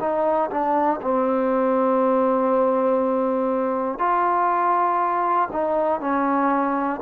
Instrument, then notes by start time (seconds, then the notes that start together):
trombone
0.00 D#4
0.50 D4
1.02 C4
3.99 F4
5.52 D#4
6.00 C#4